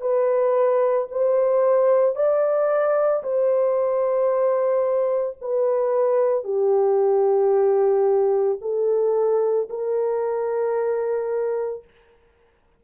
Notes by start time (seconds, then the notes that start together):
0.00 B4
1.11 C5
2.15 D5
3.23 C5
5.41 B4
6.44 G4
8.61 A4
9.69 A#4